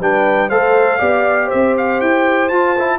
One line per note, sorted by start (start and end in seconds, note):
0.00 0.50 G3
0.00 0.51 D4
0.00 0.48 B4
0.00 0.49 G5
0.48 1.01 A3
0.48 0.99 A4
0.48 0.98 C5
0.48 1.50 F5
0.98 1.51 B3
0.98 2.50 G4
0.98 1.46 D5
1.46 2.97 C5
1.46 1.75 E5
1.53 2.01 C4
1.77 2.00 F5
2.00 2.51 E4
2.00 2.49 G5
2.49 2.99 F4
2.49 2.76 F4
2.49 2.99 A5
2.79 2.99 E4